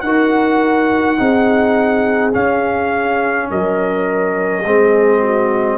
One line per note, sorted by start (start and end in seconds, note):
0.00 1.18 D#4
0.00 1.19 A#4
0.00 2.31 F#5
0.06 1.18 F#4
1.18 2.35 C4
1.18 2.32 D#4
1.18 3.49 G#4
2.32 4.62 C#4
2.32 3.50 C#4
2.32 3.49 F5
3.49 4.64 F#3
3.49 4.65 A#4
3.49 5.78 D#5
4.64 5.78 G#3
4.64 5.78 C4
4.64 5.21 G#4
5.21 5.78 F#4